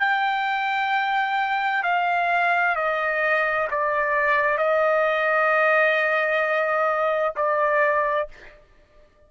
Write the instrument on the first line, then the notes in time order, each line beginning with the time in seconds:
trumpet
0.00 G5
1.84 F5
2.76 D#5
3.71 D5
4.58 D#5
7.36 D5